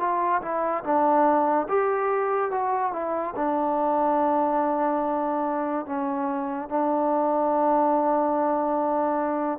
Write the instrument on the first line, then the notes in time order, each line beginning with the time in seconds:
trombone
0.00 F4
0.42 E4
0.84 D4
1.69 G4
2.52 F#4
2.93 E4
3.36 D4
5.86 C#4
6.69 D4